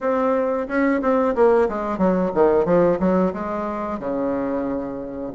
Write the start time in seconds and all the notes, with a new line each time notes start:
0.01 C4
0.68 C#4
1.01 C4
1.35 A#3
1.68 G#3
1.98 F#3
2.34 D#3
2.65 F3
2.99 F#3
3.33 G#3
3.99 C#3